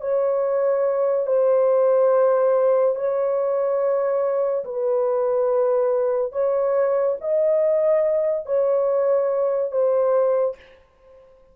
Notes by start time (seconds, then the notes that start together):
0.00 C#5
1.26 C5
2.95 C#5
4.64 B4
6.32 C#5
7.21 D#5
8.45 C#5
9.71 C5